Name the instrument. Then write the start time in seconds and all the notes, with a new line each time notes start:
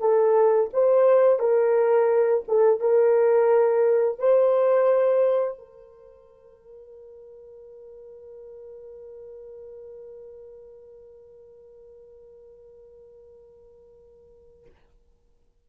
horn
0.00 A4
0.74 C5
1.40 A#4
2.48 A4
2.81 A#4
4.19 C5
5.58 A#4